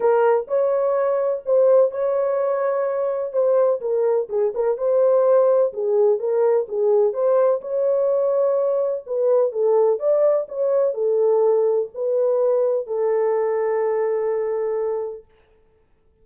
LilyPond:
\new Staff \with { instrumentName = "horn" } { \time 4/4 \tempo 4 = 126 ais'4 cis''2 c''4 | cis''2. c''4 | ais'4 gis'8 ais'8 c''2 | gis'4 ais'4 gis'4 c''4 |
cis''2. b'4 | a'4 d''4 cis''4 a'4~ | a'4 b'2 a'4~ | a'1 | }